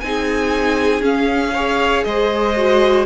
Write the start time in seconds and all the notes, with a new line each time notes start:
0.00 C4 D#4 G#4 G#5
1.01 C#4 F5
1.53 G#4 C#5
2.04 G#3 C5 D#5
2.57 F#4